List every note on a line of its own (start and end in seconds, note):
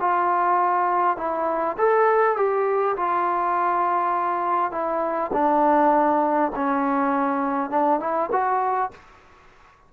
0.00 1.17 F4
1.17 1.76 E4
1.78 2.36 A4
2.36 2.96 G4
2.96 4.71 F4
4.71 5.31 E4
5.33 6.52 D4
6.55 7.70 C#4
7.70 8.00 D4
8.00 8.30 E4
8.32 8.91 F#4